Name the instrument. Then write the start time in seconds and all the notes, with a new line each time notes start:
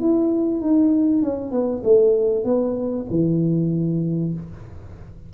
tuba
0.00 E4
0.61 D#4
1.23 C#4
1.51 B3
1.84 A3
2.44 B3
3.10 E3